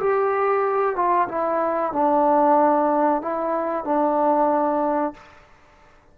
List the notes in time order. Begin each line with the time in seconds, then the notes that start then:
0.00 G4
0.96 F4
1.28 E4
1.93 D4
3.22 E4
3.85 D4